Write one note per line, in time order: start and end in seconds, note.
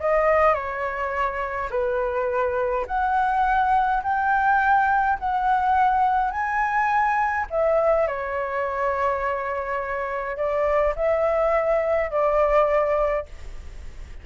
0.00 0.54 D#5
0.54 1.69 C#5
1.70 2.86 B4
2.87 4.03 F#5
4.03 5.19 G5
5.19 6.31 F#5
6.31 7.46 G#5
7.50 8.07 E5
8.07 10.37 C#5
10.37 10.94 D5
10.96 12.10 E5
12.10 13.26 D5